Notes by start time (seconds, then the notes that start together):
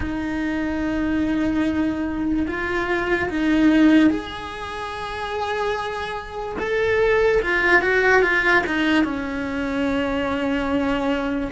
0.00 D#4
2.47 F4
3.29 D#4
4.09 G#4
6.59 A4
7.42 F4
7.81 F#4
8.22 F4
8.66 D#4
9.04 C#4